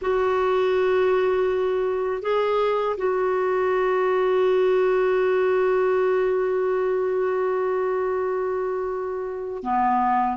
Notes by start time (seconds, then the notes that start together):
0.01 F#4
2.22 G#4
2.97 F#4
9.63 B3